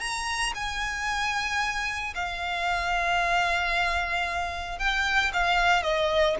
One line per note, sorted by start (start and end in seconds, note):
0.00 0.53 A#5
0.55 2.14 G#5
2.15 4.79 F5
4.79 5.32 G5
5.33 5.83 F5
5.83 6.36 D#5